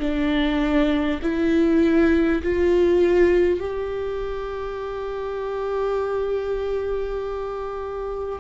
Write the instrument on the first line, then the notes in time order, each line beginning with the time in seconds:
viola
0.00 D4
1.23 E4
2.43 F4
3.60 G4